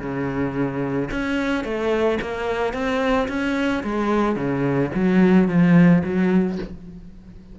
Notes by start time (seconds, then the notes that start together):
0.00 C#3
1.11 C#4
1.64 A3
2.21 A#3
2.73 C4
3.28 C#4
3.83 G#3
4.36 C#3
4.95 F#3
5.48 F3
6.04 F#3